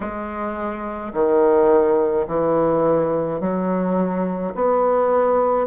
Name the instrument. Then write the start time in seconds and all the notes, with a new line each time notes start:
bassoon
0.00 G#3
1.13 D#3
2.27 E3
3.40 F#3
4.54 B3